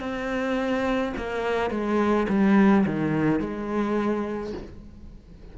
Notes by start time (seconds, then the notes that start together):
0.00 C4
1.18 A#3
1.71 G#3
2.29 G3
2.86 D#3
3.40 G#3